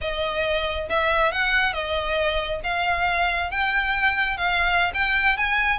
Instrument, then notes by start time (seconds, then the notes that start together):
violin
0.01 D#5
0.89 E5
1.32 F#5
1.73 D#5
2.63 F5
3.50 G5
4.37 F5
4.94 G5
5.37 G#5